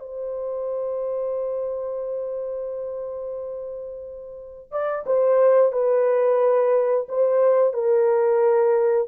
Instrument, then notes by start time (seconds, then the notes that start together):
horn
0.00 C5
4.72 D5
5.07 C5
5.72 B4
7.09 C5
7.74 A#4